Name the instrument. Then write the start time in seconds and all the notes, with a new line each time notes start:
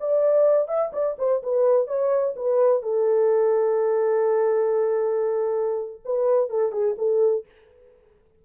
horn
0.00 D5
0.68 E5
0.93 D5
1.19 C5
1.43 B4
1.87 C#5
2.36 B4
2.82 A4
6.05 B4
6.50 A4
6.72 G#4
6.98 A4